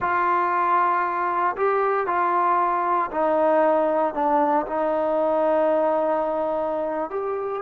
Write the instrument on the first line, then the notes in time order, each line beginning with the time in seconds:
trombone
0.00 F4
1.56 G4
2.07 F4
3.11 D#4
4.14 D4
4.66 D#4
7.10 G4